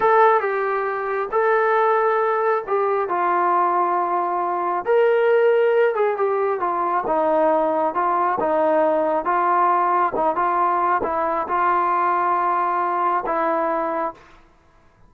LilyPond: \new Staff \with { instrumentName = "trombone" } { \time 4/4 \tempo 4 = 136 a'4 g'2 a'4~ | a'2 g'4 f'4~ | f'2. ais'4~ | ais'4. gis'8 g'4 f'4 |
dis'2 f'4 dis'4~ | dis'4 f'2 dis'8 f'8~ | f'4 e'4 f'2~ | f'2 e'2 | }